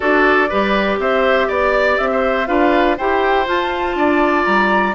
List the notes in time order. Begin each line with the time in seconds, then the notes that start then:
0.00 D4 F#4 A4 D5
0.49 G3 G4 B4
0.98 C4 C5 E5
1.47 B3 D5
1.98 C4 E5
2.12 C5
2.47 D4 F4 B4 F5
2.97 E4 G4 C5 G5
3.45 F4 A5
3.95 D4 D5
4.44 G3 A#5